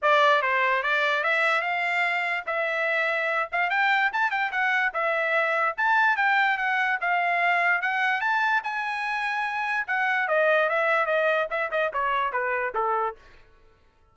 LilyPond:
\new Staff \with { instrumentName = "trumpet" } { \time 4/4 \tempo 4 = 146 d''4 c''4 d''4 e''4 | f''2 e''2~ | e''8 f''8 g''4 a''8 g''8 fis''4 | e''2 a''4 g''4 |
fis''4 f''2 fis''4 | a''4 gis''2. | fis''4 dis''4 e''4 dis''4 | e''8 dis''8 cis''4 b'4 a'4 | }